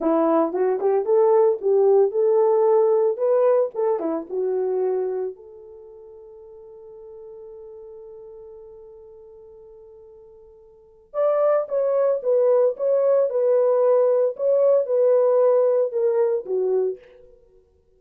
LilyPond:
\new Staff \with { instrumentName = "horn" } { \time 4/4 \tempo 4 = 113 e'4 fis'8 g'8 a'4 g'4 | a'2 b'4 a'8 e'8 | fis'2 a'2~ | a'1~ |
a'1~ | a'4 d''4 cis''4 b'4 | cis''4 b'2 cis''4 | b'2 ais'4 fis'4 | }